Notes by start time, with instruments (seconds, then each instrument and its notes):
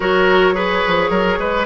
0.00 bassoon F#3, clarinet F#4, oboe A#4, flute C#5
0.54 clarinet G#4, oboe B4
0.87 bassoon F3
1.10 bassoon F#3, oboe A#4
1.38 bassoon G#3, oboe B4